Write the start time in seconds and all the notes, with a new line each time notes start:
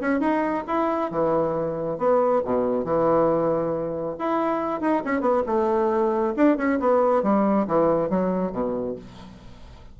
0.00 C#4
0.20 D#4
0.67 E4
1.10 E3
1.98 B3
2.44 B2
2.84 E3
4.18 E4
4.81 D#4
5.04 C#4
5.21 B3
5.46 A3
6.36 D4
6.57 C#4
6.79 B3
7.23 G3
7.67 E3
8.09 F#3
8.52 B2